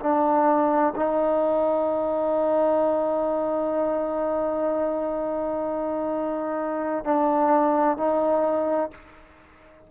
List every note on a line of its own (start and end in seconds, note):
0.00 0.94 D4
0.96 7.04 D#4
7.04 7.97 D4
7.97 8.91 D#4